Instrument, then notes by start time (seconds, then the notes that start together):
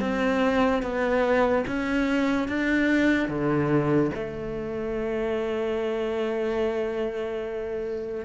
cello
0.00 C4
0.82 B3
1.67 C#4
2.48 D4
3.28 D3
4.14 A3